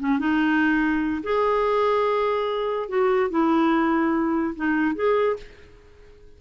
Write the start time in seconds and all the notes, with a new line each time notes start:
0.00 C#4
0.19 D#4
1.24 G#4
2.89 F#4
3.31 E4
4.56 D#4
4.96 G#4